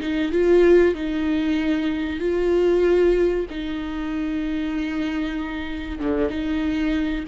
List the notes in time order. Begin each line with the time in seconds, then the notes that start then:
0.00 D#4
0.32 F4
0.94 D#4
2.20 F4
3.50 D#4
5.98 D3
6.29 D#4